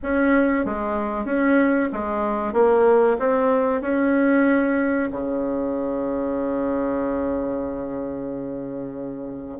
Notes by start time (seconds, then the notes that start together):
0.02 C#4
0.65 G#3
1.25 C#4
1.92 G#3
2.53 A#3
3.19 C4
3.82 C#4
5.11 C#3